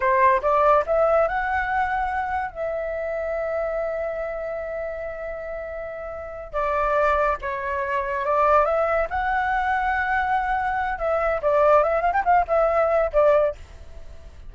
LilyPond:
\new Staff \with { instrumentName = "flute" } { \time 4/4 \tempo 4 = 142 c''4 d''4 e''4 fis''4~ | fis''2 e''2~ | e''1~ | e''2.~ e''8 d''8~ |
d''4. cis''2 d''8~ | d''8 e''4 fis''2~ fis''8~ | fis''2 e''4 d''4 | e''8 f''16 g''16 f''8 e''4. d''4 | }